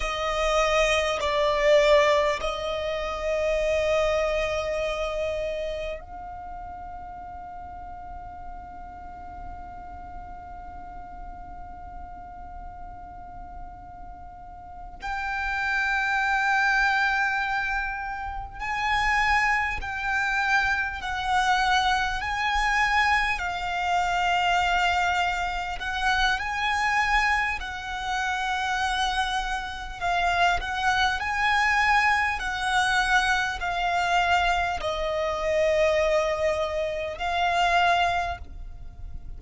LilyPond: \new Staff \with { instrumentName = "violin" } { \time 4/4 \tempo 4 = 50 dis''4 d''4 dis''2~ | dis''4 f''2.~ | f''1~ | f''8 g''2. gis''8~ |
gis''8 g''4 fis''4 gis''4 f''8~ | f''4. fis''8 gis''4 fis''4~ | fis''4 f''8 fis''8 gis''4 fis''4 | f''4 dis''2 f''4 | }